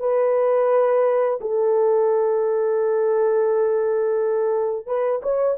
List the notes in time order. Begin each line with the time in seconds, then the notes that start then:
0.00 B4
1.41 A4
4.87 B4
5.23 C#5